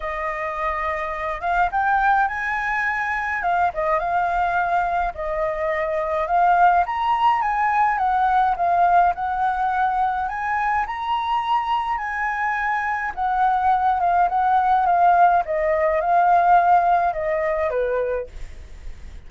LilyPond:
\new Staff \with { instrumentName = "flute" } { \time 4/4 \tempo 4 = 105 dis''2~ dis''8 f''8 g''4 | gis''2 f''8 dis''8 f''4~ | f''4 dis''2 f''4 | ais''4 gis''4 fis''4 f''4 |
fis''2 gis''4 ais''4~ | ais''4 gis''2 fis''4~ | fis''8 f''8 fis''4 f''4 dis''4 | f''2 dis''4 b'4 | }